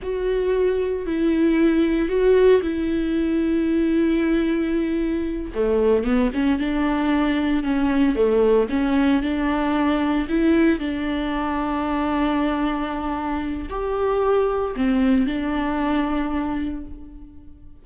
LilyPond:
\new Staff \with { instrumentName = "viola" } { \time 4/4 \tempo 4 = 114 fis'2 e'2 | fis'4 e'2.~ | e'2~ e'8 a4 b8 | cis'8 d'2 cis'4 a8~ |
a8 cis'4 d'2 e'8~ | e'8 d'2.~ d'8~ | d'2 g'2 | c'4 d'2. | }